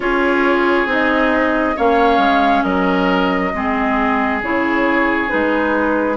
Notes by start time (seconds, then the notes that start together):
0.00 C#4 F4 G#4 C#5
0.85 C4 D#4
0.92 D#5
1.76 A#3 C#4 C#5 F5
2.18 G#3
2.62 F#3 A#4 D#5
3.53 G#3 C4 G#4
4.42 C#3 E4 C#5
5.27 G#3 D#4 B4